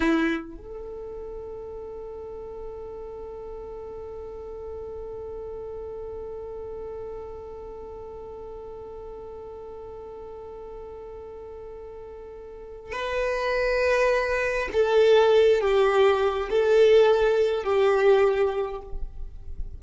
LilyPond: \new Staff \with { instrumentName = "violin" } { \time 4/4 \tempo 4 = 102 e'4 a'2.~ | a'1~ | a'1~ | a'1~ |
a'1~ | a'2 b'2~ | b'4 a'4. g'4. | a'2 g'2 | }